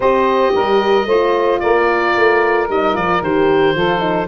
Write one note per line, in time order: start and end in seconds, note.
0.00 0.53 C4
0.00 1.08 G4
0.00 0.53 C5
0.00 1.60 D#5
0.54 1.05 G3
0.54 1.06 A#4
1.05 1.59 A3
1.05 2.70 F4
1.05 1.60 C5
1.60 2.16 A#3
1.60 3.75 A#4
1.60 2.67 D5
2.16 2.68 A3
2.68 2.95 G3
2.68 2.93 D#4
2.68 2.95 D#5
2.93 3.21 F3
2.93 3.20 F4
2.93 3.22 D5
3.21 3.75 D#3
3.21 3.76 G4
3.21 4.27 C5
3.75 4.27 F3
3.75 3.99 F4
3.75 4.27 A4
3.99 4.25 D#4